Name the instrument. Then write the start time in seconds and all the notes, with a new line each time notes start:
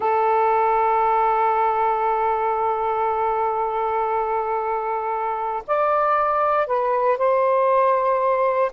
saxophone
0.00 A4
5.67 D5
6.67 B4
7.17 C5